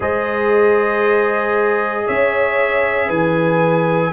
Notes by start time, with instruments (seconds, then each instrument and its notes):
0.00 tuba G#3, trombone G#4, horn C5, trumpet D#5
2.06 tuba C#4, horn C#5, trumpet E5
3.07 tuba E3, horn B4, trumpet G#5